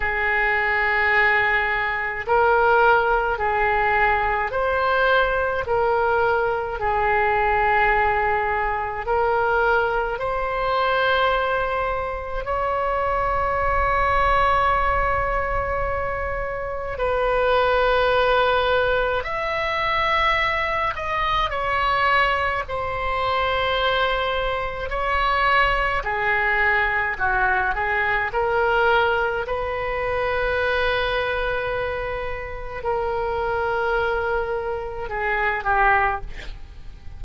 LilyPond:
\new Staff \with { instrumentName = "oboe" } { \time 4/4 \tempo 4 = 53 gis'2 ais'4 gis'4 | c''4 ais'4 gis'2 | ais'4 c''2 cis''4~ | cis''2. b'4~ |
b'4 e''4. dis''8 cis''4 | c''2 cis''4 gis'4 | fis'8 gis'8 ais'4 b'2~ | b'4 ais'2 gis'8 g'8 | }